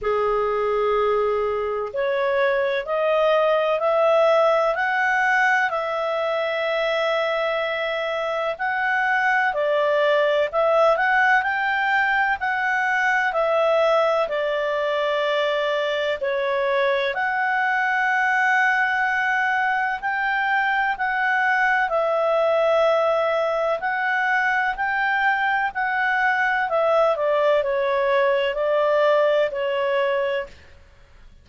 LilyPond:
\new Staff \with { instrumentName = "clarinet" } { \time 4/4 \tempo 4 = 63 gis'2 cis''4 dis''4 | e''4 fis''4 e''2~ | e''4 fis''4 d''4 e''8 fis''8 | g''4 fis''4 e''4 d''4~ |
d''4 cis''4 fis''2~ | fis''4 g''4 fis''4 e''4~ | e''4 fis''4 g''4 fis''4 | e''8 d''8 cis''4 d''4 cis''4 | }